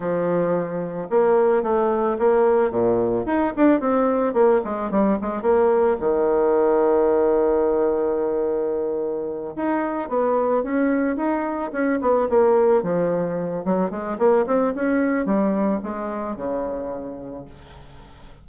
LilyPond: \new Staff \with { instrumentName = "bassoon" } { \time 4/4 \tempo 4 = 110 f2 ais4 a4 | ais4 ais,4 dis'8 d'8 c'4 | ais8 gis8 g8 gis8 ais4 dis4~ | dis1~ |
dis4. dis'4 b4 cis'8~ | cis'8 dis'4 cis'8 b8 ais4 f8~ | f4 fis8 gis8 ais8 c'8 cis'4 | g4 gis4 cis2 | }